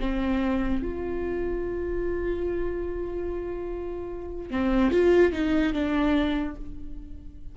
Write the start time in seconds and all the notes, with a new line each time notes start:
0.00 C4
0.82 F4
4.50 C4
4.91 F4
5.32 D#4
5.73 D4